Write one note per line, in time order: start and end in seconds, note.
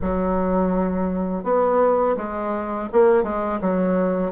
0.01 1.43 F#3
1.43 2.16 B3
2.16 2.88 G#3
2.92 3.23 A#3
3.23 3.59 G#3
3.61 4.31 F#3